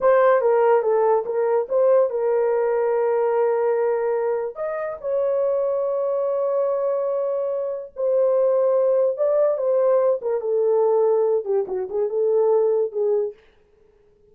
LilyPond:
\new Staff \with { instrumentName = "horn" } { \time 4/4 \tempo 4 = 144 c''4 ais'4 a'4 ais'4 | c''4 ais'2.~ | ais'2. dis''4 | cis''1~ |
cis''2. c''4~ | c''2 d''4 c''4~ | c''8 ais'8 a'2~ a'8 g'8 | fis'8 gis'8 a'2 gis'4 | }